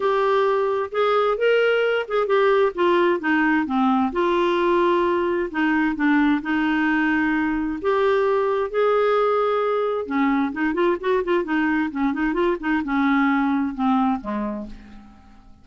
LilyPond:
\new Staff \with { instrumentName = "clarinet" } { \time 4/4 \tempo 4 = 131 g'2 gis'4 ais'4~ | ais'8 gis'8 g'4 f'4 dis'4 | c'4 f'2. | dis'4 d'4 dis'2~ |
dis'4 g'2 gis'4~ | gis'2 cis'4 dis'8 f'8 | fis'8 f'8 dis'4 cis'8 dis'8 f'8 dis'8 | cis'2 c'4 gis4 | }